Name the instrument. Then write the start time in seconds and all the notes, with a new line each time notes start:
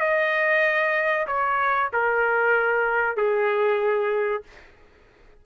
trumpet
0.00 D#5
1.27 C#5
1.93 A#4
3.16 G#4